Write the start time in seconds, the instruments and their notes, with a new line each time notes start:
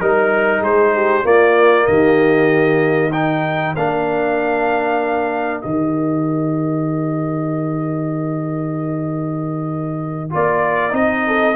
0.00 tuba G3, trombone D#4, trumpet A#4, horn A#4
0.60 tuba G#3, horn G#4, trumpet C5
0.94 horn G4
1.23 trombone A#3, tuba A#3, horn F4, trumpet D5
1.86 tuba D#3, horn G4, trumpet D#5
3.12 trombone D#4, horn A#4, trumpet G5
3.76 tuba A#3, trombone D4, trumpet F5
5.61 tuba D#3, trombone G4, trumpet D#5
10.30 tuba A#3, trombone F4, trumpet D5
10.90 tuba C4, trombone D#4, trumpet D#5
11.26 horn A4